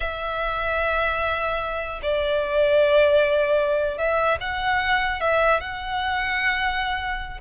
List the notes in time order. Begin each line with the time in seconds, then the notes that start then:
0.00 E5
2.02 D5
3.97 E5
4.40 F#5
5.20 E5
5.60 F#5